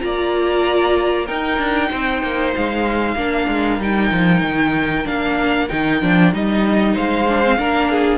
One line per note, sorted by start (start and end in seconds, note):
0.00 1.29 A#3
0.00 1.26 F4
0.00 1.25 D5
0.00 1.26 A#5
1.25 3.16 D#4
1.25 1.58 D#4
1.25 1.89 A#4
1.25 2.53 G5
1.58 1.89 D4
1.91 2.22 C4
1.91 3.17 C5
2.22 2.54 A#3
2.56 3.15 G#3
2.56 3.82 F5
3.15 3.46 A#3
3.15 3.80 D4
3.15 6.94 A#4
3.47 3.79 G#3
3.79 4.11 G3
3.79 5.05 D#4
3.79 5.07 G5
4.11 4.41 F3
4.41 5.04 D#3
5.05 5.69 A#3
5.05 5.68 D4
5.05 5.69 F5
5.69 6.02 D#3
5.69 6.01 D#4
5.69 6.32 G5
6.01 6.33 F3
6.01 6.33 D4
6.33 6.96 G3
6.33 7.27 D#4
6.33 6.97 D#5
6.94 7.58 G#3
6.94 7.57 C5
6.94 8.18 F5
7.28 7.44 D4
7.44 7.58 C4
7.58 8.18 A#3
7.58 8.18 D4
7.58 7.91 A#4
7.91 8.18 G#4